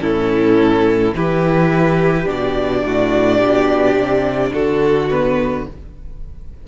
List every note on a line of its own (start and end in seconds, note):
0.00 1.13 A2
0.00 1.13 C#4
0.00 1.15 E4
0.00 1.13 A4
1.13 2.26 E3
1.13 2.25 E4
1.13 2.85 G4
1.13 2.29 B4
2.25 2.83 B2
2.25 5.08 D4
2.25 4.53 D5
2.84 3.41 A2
2.84 3.37 F#4
3.37 3.95 B2
3.37 4.51 G4
3.95 4.51 C3
4.53 5.67 D3
4.53 5.66 F#4
4.53 5.09 A4
5.10 5.67 B3
5.10 5.66 B4